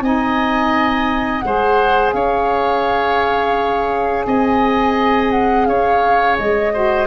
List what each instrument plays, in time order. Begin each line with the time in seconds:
0.00 tuba C4, saxophone D#4, oboe D#5, flute G#5
1.39 tuba G#3, saxophone G#4, flute F#5
1.45 oboe C5
2.13 tuba C#4, oboe C#5, flute F5
4.26 tuba C4, oboe D#5, flute G#5
5.31 flute F#5
5.65 tuba C#4, oboe C#5, flute F5
6.38 tuba G#3, flute D#5
6.72 saxophone F#4, oboe C5